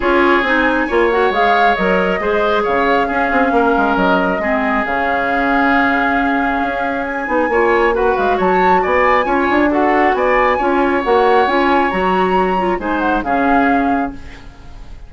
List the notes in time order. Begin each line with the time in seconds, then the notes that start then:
0.00 C#4 F4 G#4 C#5
0.42 C4 D#4 G#5
0.87 A#3 F4 C#5
1.10 F#4 F#5
1.30 G#3 G#4 F5
1.75 F#3 A#4 D#5
2.19 G#3 G#4 C5
2.62 C#3 C#5 F5
3.07 C#4 G#4
3.31 C4
3.51 A#3 A#4
3.77 G#3
3.95 F#3 D#5
4.39 G#3 C4 G#4
4.85 C#3 C#4 F5
6.63 C#4
7.06 G#5
7.26 B3 D#4
7.48 A#3 F4 C#5
7.93 F#4 B4 F#5
8.16 G#3 F5
8.37 F#3 C#5 A5
8.81 B3 D5 G#5
9.23 C#4 F4 C#5
9.50 D4
9.70 F#4 A4 F#5
10.14 B3 D5 G#5
10.57 C#4 F4 C#5
11.03 A#3 F#4 F#5
11.46 C#4 F4 G#5
11.90 F#3 F#4 A#5
12.58 F4
12.78 G#3 D#4 C5 G#5
12.99 F#5
13.23 C#3 C#4 G#4 F5